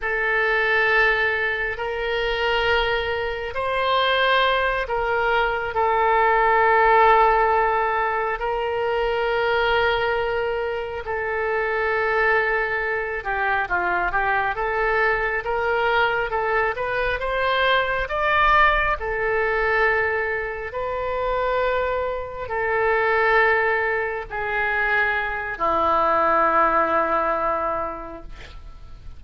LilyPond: \new Staff \with { instrumentName = "oboe" } { \time 4/4 \tempo 4 = 68 a'2 ais'2 | c''4. ais'4 a'4.~ | a'4. ais'2~ ais'8~ | ais'8 a'2~ a'8 g'8 f'8 |
g'8 a'4 ais'4 a'8 b'8 c''8~ | c''8 d''4 a'2 b'8~ | b'4. a'2 gis'8~ | gis'4 e'2. | }